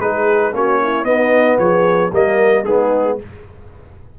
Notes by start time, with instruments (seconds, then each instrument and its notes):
0.00 tuba G#3, trombone D#4, horn G#4, trumpet B4
0.53 tuba A#3, trombone C#4, horn F#4, trumpet C#5
0.83 horn E4
1.05 tuba B3, trombone B3, horn D#4, trumpet D#5
1.59 tuba F3, horn G#4, trumpet C#5
2.12 tuba G3, trombone A#3, horn A#4, trumpet D#5
2.65 tuba G#3, trombone B3, horn D#4, trumpet G#4